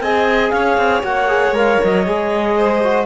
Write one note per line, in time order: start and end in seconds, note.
0.00 0.51 C4
0.00 1.03 G#4
0.00 0.52 D#5
0.00 0.50 G#5
0.50 0.77 C#4
0.50 2.57 C#5
0.50 1.00 F5
0.77 1.02 C4
1.03 1.51 A#3
1.03 1.28 F#4
1.03 1.55 F#5
1.28 1.53 G#4
1.51 1.77 G#3
1.51 2.04 A#4
1.51 1.82 F5
1.83 2.06 F#3
1.83 3.05 D#5
2.05 3.05 G#3
2.05 2.81 G#4
2.57 3.05 C5
2.83 3.05 F#4